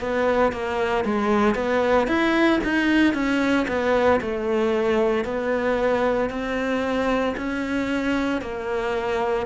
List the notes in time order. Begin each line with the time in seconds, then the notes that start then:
0.00 B3
0.52 A#3
1.04 G#3
1.55 B3
2.07 E4
2.64 D#4
3.13 C#4
3.67 B3
4.21 A3
5.24 B3
6.30 C4
7.37 C#4
8.41 A#3